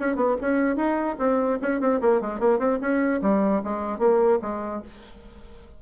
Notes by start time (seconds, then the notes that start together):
0.00 C#4
0.16 B3
0.41 C#4
0.76 D#4
1.19 C4
1.62 C#4
1.81 C4
2.01 A#3
2.21 G#3
2.40 A#3
2.59 C4
2.81 C#4
3.22 G3
3.64 G#3
3.99 A#3
4.42 G#3